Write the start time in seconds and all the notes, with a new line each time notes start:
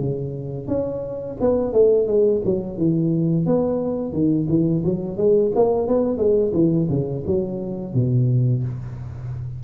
0.00 C#3
0.68 C#4
1.41 B3
1.73 A3
2.08 G#3
2.45 F#3
2.78 E3
3.46 B3
4.13 D#3
4.49 E3
4.85 F#3
5.18 G#3
5.55 A#3
5.88 B3
6.18 G#3
6.53 E3
6.90 C#3
7.27 F#3
7.95 B2